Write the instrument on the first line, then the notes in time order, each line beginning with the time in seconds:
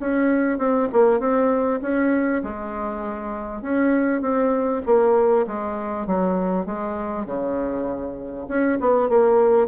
bassoon
0.00 C#4
0.58 C4
0.93 A#3
1.20 C4
1.82 C#4
2.44 G#3
3.62 C#4
4.21 C4
4.86 A#3
5.47 G#3
6.07 F#3
6.66 G#3
7.26 C#3
8.49 C#4
8.80 B3
9.09 A#3